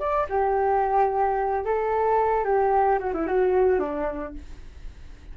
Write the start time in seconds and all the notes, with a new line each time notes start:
0.00 D5
0.30 G4
1.65 A4
2.45 G4
3.00 F#4
3.14 E4
3.27 F#4
3.80 D4